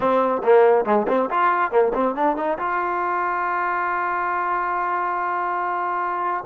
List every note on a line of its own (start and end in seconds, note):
0.00 0.41 C4
0.43 0.85 A#3
0.85 1.06 G#3
1.08 1.29 C4
1.30 1.71 F4
1.71 1.92 A#3
1.93 2.15 C4
2.15 2.36 D4
2.36 2.58 D#4
2.58 6.44 F4